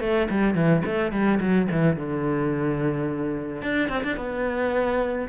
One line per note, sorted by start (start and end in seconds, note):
0.00 0.28 A3
0.30 0.54 G3
0.54 0.82 E3
0.85 1.12 A3
1.12 1.39 G3
1.40 1.68 F#3
1.71 1.96 E3
1.96 3.62 D3
3.62 3.89 D4
3.89 4.03 C4
4.04 4.16 D4
4.16 5.28 B3